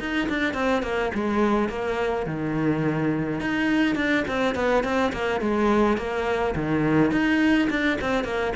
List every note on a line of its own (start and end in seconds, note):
0.00 0.29 D#4
0.29 0.54 D4
0.54 0.83 C4
0.83 1.11 A#3
1.14 1.69 G#3
1.69 2.26 A#3
2.26 3.40 D#3
3.40 3.96 D#4
3.96 4.24 D4
4.28 4.55 C4
4.55 4.84 B3
4.84 5.12 C4
5.13 5.41 A#3
5.41 5.98 G#3
5.98 6.55 A#3
6.56 7.11 D#3
7.11 7.69 D#4
7.70 7.98 D4
8.01 8.24 C4
8.24 8.53 A#3